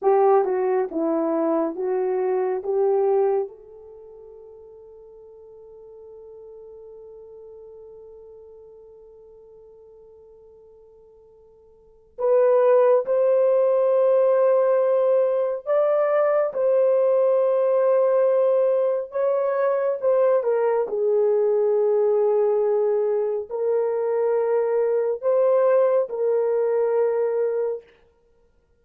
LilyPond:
\new Staff \with { instrumentName = "horn" } { \time 4/4 \tempo 4 = 69 g'8 fis'8 e'4 fis'4 g'4 | a'1~ | a'1~ | a'2 b'4 c''4~ |
c''2 d''4 c''4~ | c''2 cis''4 c''8 ais'8 | gis'2. ais'4~ | ais'4 c''4 ais'2 | }